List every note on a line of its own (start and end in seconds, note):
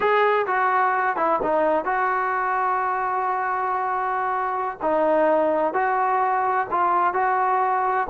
0.00 0.46 G#4
0.46 1.16 F#4
1.16 1.39 E4
1.42 1.85 D#4
1.85 4.77 F#4
4.82 5.73 D#4
5.73 6.67 F#4
6.70 7.13 F4
7.13 8.07 F#4